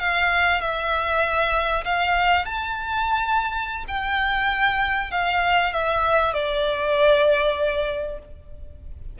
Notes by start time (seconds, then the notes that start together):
0.00 F5
0.61 E5
1.85 F5
2.46 A5
3.88 G5
5.12 F5
5.74 E5
6.34 D5